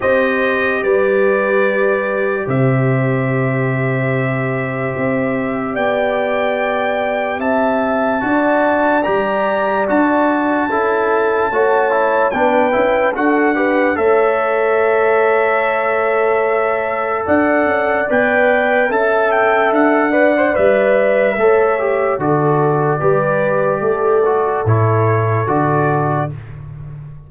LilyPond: <<
  \new Staff \with { instrumentName = "trumpet" } { \time 4/4 \tempo 4 = 73 dis''4 d''2 e''4~ | e''2. g''4~ | g''4 a''2 ais''4 | a''2. g''4 |
fis''4 e''2.~ | e''4 fis''4 g''4 a''8 g''8 | fis''4 e''2 d''4~ | d''2 cis''4 d''4 | }
  \new Staff \with { instrumentName = "horn" } { \time 4/4 c''4 b'2 c''4~ | c''2. d''4~ | d''4 e''4 d''2~ | d''4 a'4 cis''4 b'4 |
a'8 b'8 cis''2.~ | cis''4 d''2 e''4~ | e''8 d''4. cis''4 a'4 | b'4 a'2. | }
  \new Staff \with { instrumentName = "trombone" } { \time 4/4 g'1~ | g'1~ | g'2 fis'4 g'4 | fis'4 e'4 fis'8 e'8 d'8 e'8 |
fis'8 g'8 a'2.~ | a'2 b'4 a'4~ | a'8 b'16 c''16 b'4 a'8 g'8 fis'4 | g'4. fis'8 e'4 fis'4 | }
  \new Staff \with { instrumentName = "tuba" } { \time 4/4 c'4 g2 c4~ | c2 c'4 b4~ | b4 c'4 d'4 g4 | d'4 cis'4 a4 b8 cis'8 |
d'4 a2.~ | a4 d'8 cis'8 b4 cis'4 | d'4 g4 a4 d4 | g4 a4 a,4 d4 | }
>>